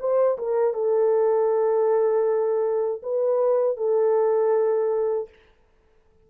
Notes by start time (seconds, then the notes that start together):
0.00 C5
0.38 A#4
0.74 A4
3.02 B4
3.77 A4